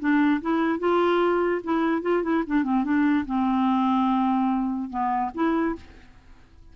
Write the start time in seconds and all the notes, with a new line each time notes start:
0.00 D4
0.42 E4
0.80 F4
1.64 E4
2.02 F4
2.23 E4
2.47 D4
2.64 C4
2.84 D4
3.26 C4
4.90 B3
5.35 E4